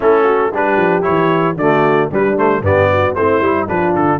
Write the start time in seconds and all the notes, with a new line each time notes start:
0.00 A3 C#4 E4 A4
0.23 F#4
0.52 G3 D4 G4 B4
0.76 F3
1.02 E3 E4 C#5
1.56 D3 A3 F#4 D5
2.11 G3 D4 B4
2.36 A3 C5
2.61 G2 B3 G4 D5
2.91 F#4
3.14 A3 C4 E4 C5
3.40 G3 E4
3.67 F3 D4 F4 B4
3.95 D3 A4